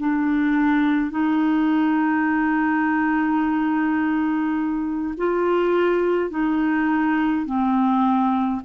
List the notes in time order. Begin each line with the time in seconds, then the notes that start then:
0.00 D4
1.11 D#4
5.18 F4
6.31 D#4
7.46 C4